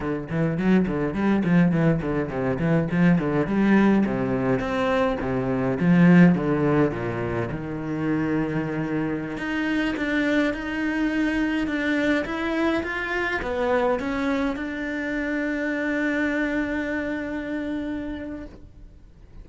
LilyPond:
\new Staff \with { instrumentName = "cello" } { \time 4/4 \tempo 4 = 104 d8 e8 fis8 d8 g8 f8 e8 d8 | c8 e8 f8 d8 g4 c4 | c'4 c4 f4 d4 | ais,4 dis2.~ |
dis16 dis'4 d'4 dis'4.~ dis'16~ | dis'16 d'4 e'4 f'4 b8.~ | b16 cis'4 d'2~ d'8.~ | d'1 | }